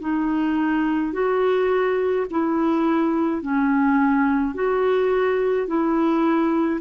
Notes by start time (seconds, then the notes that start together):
0.00 D#4
1.13 F#4
2.31 E4
3.42 C#4
4.55 F#4
5.68 E4